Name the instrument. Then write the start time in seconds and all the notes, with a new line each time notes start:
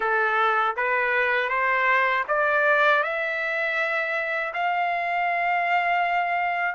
trumpet
0.00 A4
0.76 B4
1.49 C5
2.28 D5
3.03 E5
4.53 F5